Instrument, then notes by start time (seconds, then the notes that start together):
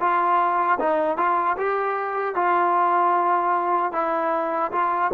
trombone
0.00 F4
0.80 D#4
1.18 F4
1.58 G4
2.35 F4
3.93 E4
4.72 F4